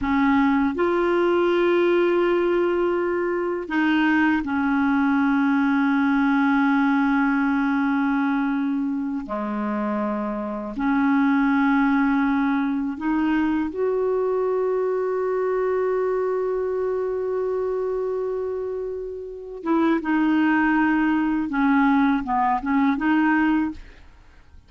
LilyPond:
\new Staff \with { instrumentName = "clarinet" } { \time 4/4 \tempo 4 = 81 cis'4 f'2.~ | f'4 dis'4 cis'2~ | cis'1~ | cis'8 gis2 cis'4.~ |
cis'4. dis'4 fis'4.~ | fis'1~ | fis'2~ fis'8 e'8 dis'4~ | dis'4 cis'4 b8 cis'8 dis'4 | }